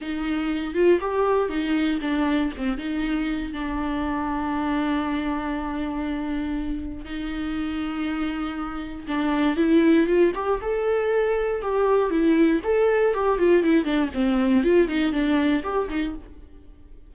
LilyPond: \new Staff \with { instrumentName = "viola" } { \time 4/4 \tempo 4 = 119 dis'4. f'8 g'4 dis'4 | d'4 c'8 dis'4. d'4~ | d'1~ | d'2 dis'2~ |
dis'2 d'4 e'4 | f'8 g'8 a'2 g'4 | e'4 a'4 g'8 f'8 e'8 d'8 | c'4 f'8 dis'8 d'4 g'8 dis'8 | }